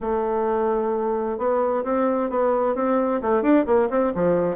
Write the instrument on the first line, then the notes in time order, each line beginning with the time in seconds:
bassoon
0.00 A3
1.37 B3
1.84 C4
2.30 B3
2.75 C4
3.21 A3
3.42 D4
3.66 A#3
3.89 C4
4.15 F3